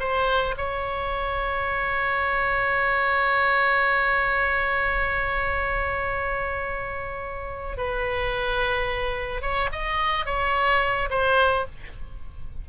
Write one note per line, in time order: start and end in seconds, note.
0.00 0.56 C5
0.57 7.78 C#5
7.78 9.42 B4
9.42 9.70 C#5
9.72 10.26 D#5
10.26 11.09 C#5
11.10 11.66 C5